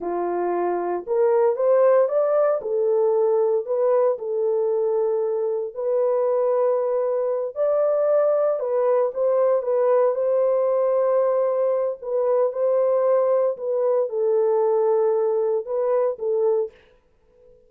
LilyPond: \new Staff \with { instrumentName = "horn" } { \time 4/4 \tempo 4 = 115 f'2 ais'4 c''4 | d''4 a'2 b'4 | a'2. b'4~ | b'2~ b'8 d''4.~ |
d''8 b'4 c''4 b'4 c''8~ | c''2. b'4 | c''2 b'4 a'4~ | a'2 b'4 a'4 | }